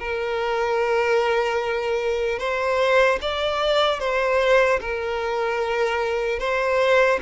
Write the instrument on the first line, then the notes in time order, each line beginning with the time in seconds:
violin
0.00 A#4
2.39 C5
3.21 D5
4.00 C5
4.81 A#4
6.40 C5